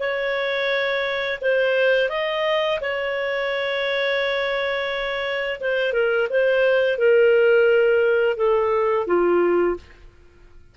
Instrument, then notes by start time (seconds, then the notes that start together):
clarinet
0.00 C#5
1.42 C5
2.10 D#5
2.81 C#5
5.61 C5
5.93 A#4
6.30 C5
6.98 A#4
8.37 A4
9.07 F4